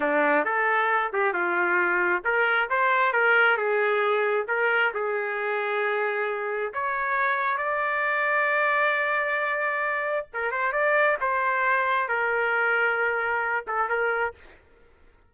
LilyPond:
\new Staff \with { instrumentName = "trumpet" } { \time 4/4 \tempo 4 = 134 d'4 a'4. g'8 f'4~ | f'4 ais'4 c''4 ais'4 | gis'2 ais'4 gis'4~ | gis'2. cis''4~ |
cis''4 d''2.~ | d''2. ais'8 c''8 | d''4 c''2 ais'4~ | ais'2~ ais'8 a'8 ais'4 | }